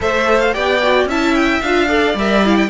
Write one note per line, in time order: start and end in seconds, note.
0.00 0.55 A3
0.00 0.53 A4
0.00 0.54 C5
0.00 0.39 E5
0.39 0.53 F5
0.53 1.05 B3
0.53 0.80 G4
0.53 1.08 D5
0.53 1.07 G5
0.82 1.09 F#4
1.05 1.59 C#4
1.05 1.63 E4
1.05 1.88 E5
1.05 1.34 A5
1.34 1.61 G5
1.61 2.14 D4
1.61 1.88 F4
1.61 2.15 F5
1.88 2.15 A4
1.88 2.69 D5
2.14 2.68 G3
2.14 2.44 A#4
2.14 2.46 E5
2.44 2.69 E4
2.44 2.56 F5
2.56 2.69 G5